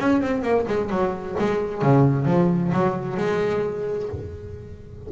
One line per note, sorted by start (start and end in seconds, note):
0.00 0.22 C#4
0.22 0.43 C4
0.43 0.66 A#3
0.68 0.90 G#3
0.90 1.36 F#3
1.39 1.83 G#3
1.83 2.26 C#3
2.26 2.72 F3
2.73 3.18 F#3
3.18 4.10 G#3